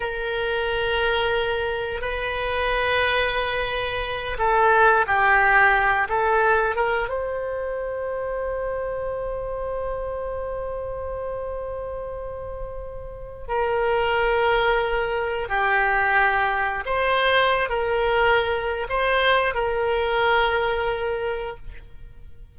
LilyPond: \new Staff \with { instrumentName = "oboe" } { \time 4/4 \tempo 4 = 89 ais'2. b'4~ | b'2~ b'8 a'4 g'8~ | g'4 a'4 ais'8 c''4.~ | c''1~ |
c''1 | ais'2. g'4~ | g'4 c''4~ c''16 ais'4.~ ais'16 | c''4 ais'2. | }